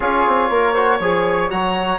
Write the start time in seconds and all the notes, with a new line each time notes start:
0.00 C#4 F4 G#4 C#5
0.26 C4
0.49 A#3 A#4
0.73 F#4 C5
0.99 F3 G#4 C#5
1.49 F#3 F#4 A#5